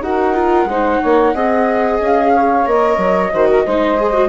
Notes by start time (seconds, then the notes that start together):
0.00 D#4 F#4 A#4 F#5
0.34 F4
0.64 G#3 D#4 C5
1.00 A#3 C#5
1.33 C4 G#4 D#5
1.99 C#4 F5
2.33 C#5
2.65 A#3 A#4 D#5
2.97 F#3
3.32 D#3 F#4 C5
3.47 A#4
3.65 G#3 D#4 C5
3.97 G#4
4.12 F#4